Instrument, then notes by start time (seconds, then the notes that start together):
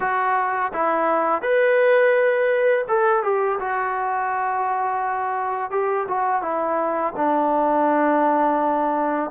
trombone
0.00 F#4
0.73 E4
1.42 B4
2.88 A4
3.23 G4
3.59 F#4
5.70 G4
6.08 F#4
6.42 E4
7.16 D4